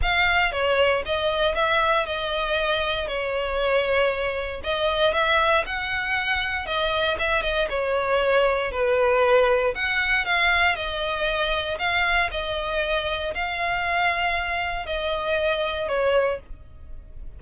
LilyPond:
\new Staff \with { instrumentName = "violin" } { \time 4/4 \tempo 4 = 117 f''4 cis''4 dis''4 e''4 | dis''2 cis''2~ | cis''4 dis''4 e''4 fis''4~ | fis''4 dis''4 e''8 dis''8 cis''4~ |
cis''4 b'2 fis''4 | f''4 dis''2 f''4 | dis''2 f''2~ | f''4 dis''2 cis''4 | }